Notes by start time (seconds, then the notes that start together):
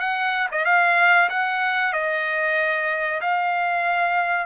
0.00 F#5
0.52 D#5
0.65 F5
1.29 F#5
1.93 D#5
3.21 F5